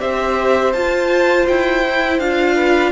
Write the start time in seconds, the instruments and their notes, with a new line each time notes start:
0.00 cello C4, viola G4, violin C5 E5
0.73 cello F4, viola F4, violin A5
1.48 cello E4, violin G5
1.87 viola E4
2.20 cello D4, viola F4, violin F5
2.56 violin B4